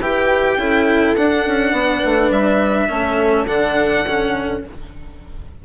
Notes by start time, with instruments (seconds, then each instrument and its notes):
0.00 bassoon E4, cello G4, horn B4, violin G5
0.57 bassoon C#4, cello E4, horn A4
1.15 bassoon D4, cello D4, violin F#5
1.47 bassoon C#4
1.72 bassoon B3, horn B4
2.05 bassoon A3
2.30 bassoon G3, violin E5
2.89 bassoon A3, cello C#4, horn A4
3.46 bassoon D3, cello D4, violin F#5
4.07 cello C#4